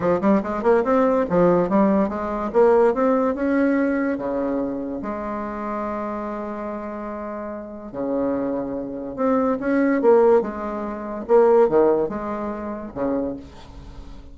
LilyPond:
\new Staff \with { instrumentName = "bassoon" } { \time 4/4 \tempo 4 = 144 f8 g8 gis8 ais8 c'4 f4 | g4 gis4 ais4 c'4 | cis'2 cis2 | gis1~ |
gis2. cis4~ | cis2 c'4 cis'4 | ais4 gis2 ais4 | dis4 gis2 cis4 | }